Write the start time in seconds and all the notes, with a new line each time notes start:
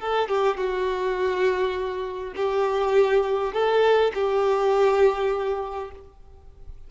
0.00 A4
0.28 G4
0.57 F#4
2.36 G4
3.53 A4
4.14 G4